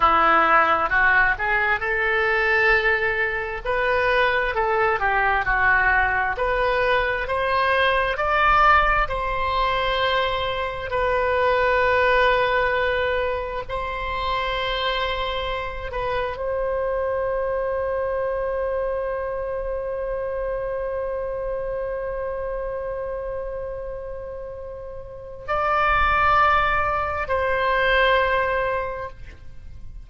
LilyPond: \new Staff \with { instrumentName = "oboe" } { \time 4/4 \tempo 4 = 66 e'4 fis'8 gis'8 a'2 | b'4 a'8 g'8 fis'4 b'4 | c''4 d''4 c''2 | b'2. c''4~ |
c''4. b'8 c''2~ | c''1~ | c''1 | d''2 c''2 | }